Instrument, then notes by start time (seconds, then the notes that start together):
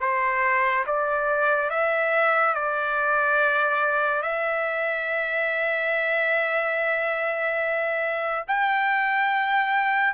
trumpet
0.00 C5
0.86 D5
1.70 E5
2.54 D5
4.22 E5
8.48 G5